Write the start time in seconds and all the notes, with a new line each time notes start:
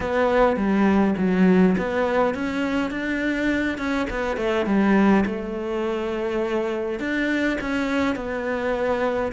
0.00 B3
0.56 G3
1.17 F#3
1.77 B3
2.34 C#4
2.90 D4
3.77 C#4
4.09 B3
4.36 A3
4.66 G3
5.25 A3
6.99 D4
7.60 C#4
8.15 B3